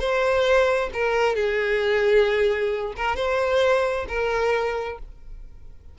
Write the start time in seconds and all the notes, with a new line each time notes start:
0.00 C5
0.94 A#4
1.36 G#4
2.97 A#4
3.16 C5
4.08 A#4